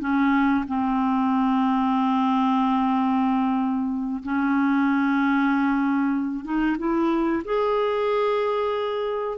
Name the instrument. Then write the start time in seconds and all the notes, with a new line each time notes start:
clarinet
0.00 C#4
0.68 C4
4.23 C#4
6.44 D#4
6.78 E4
7.44 G#4